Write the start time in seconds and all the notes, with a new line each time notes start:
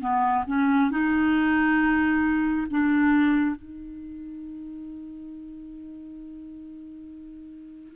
0.00 B3
0.47 C#4
0.91 D#4
2.70 D4
3.55 D#4